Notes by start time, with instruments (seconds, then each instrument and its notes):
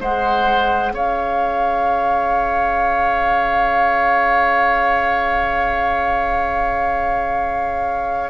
0.00 bassoon G#3, clarinet G#4, oboe C5, flute F#5
0.92 bassoon C#4, oboe C#5, flute F5